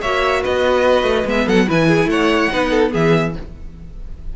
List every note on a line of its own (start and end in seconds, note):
0.00 0.44 A#3
0.00 1.26 F#4
0.00 0.41 C#5
0.00 0.43 E5
0.41 1.02 B3
0.41 1.45 B4
0.41 1.27 D#5
1.02 1.23 A3
1.25 1.46 G#3
1.25 1.67 B3
1.25 1.48 E5
1.45 1.68 F#3
1.45 1.66 A4
1.45 1.68 F#5
1.67 2.05 E3
1.67 2.50 E4
1.67 1.88 B4
1.67 2.09 G#5
1.88 2.09 G#4
2.05 2.47 A3
2.05 2.51 C#5
2.05 2.92 F#5
2.50 2.94 B3
2.50 2.89 D#4
2.50 2.70 B4
2.70 2.91 A4
2.89 3.36 E3
2.89 3.31 B3
2.89 3.33 G#4
2.89 3.35 E5